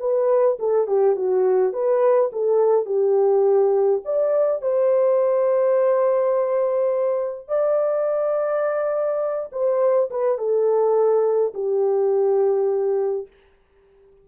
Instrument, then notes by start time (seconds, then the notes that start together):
horn
0.00 B4
0.59 A4
0.87 G4
1.16 F#4
1.73 B4
2.33 A4
2.86 G4
4.05 D5
4.62 C5
7.48 D5
9.52 C5
10.11 B4
10.38 A4
11.54 G4